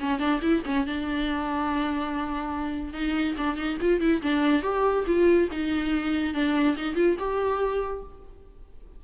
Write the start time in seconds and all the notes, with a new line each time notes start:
0.00 C#4
0.20 D4
0.42 E4
0.66 C#4
0.87 D4
2.94 D#4
3.38 D4
3.57 D#4
3.81 F4
4.01 E4
4.23 D4
4.63 G4
5.07 F4
5.52 D#4
6.34 D4
6.77 D#4
6.96 F4
7.19 G4